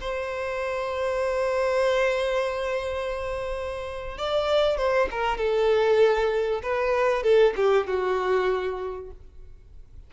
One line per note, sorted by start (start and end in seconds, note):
0.00 4.18 C5
4.18 4.77 D5
4.77 5.08 C5
5.11 5.37 A#4
5.37 6.61 A4
6.62 7.23 B4
7.23 7.54 A4
7.56 7.87 G4
7.87 9.10 F#4